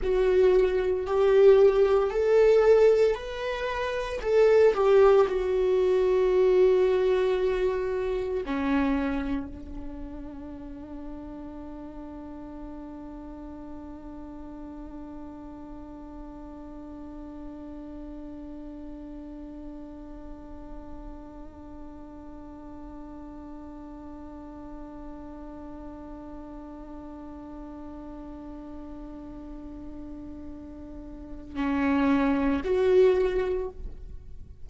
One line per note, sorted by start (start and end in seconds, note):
0.02 1.06 F#4
1.06 2.10 G4
2.10 3.14 A4
3.14 4.20 B4
4.21 4.73 A4
4.74 5.26 G4
5.27 8.43 F#4
8.45 9.47 C#4
9.47 31.55 D4
31.55 32.61 C#4
32.64 33.69 F#4